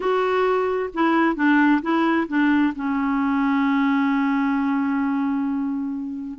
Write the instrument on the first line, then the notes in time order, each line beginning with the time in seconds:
clarinet
0.00 F#4
0.93 E4
1.35 D4
1.81 E4
2.28 D4
2.75 C#4